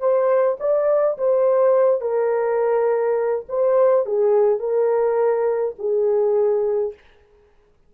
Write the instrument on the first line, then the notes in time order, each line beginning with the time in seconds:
horn
0.00 C5
0.60 D5
1.18 C5
2.01 A#4
3.49 C5
4.06 G#4
4.60 A#4
5.79 G#4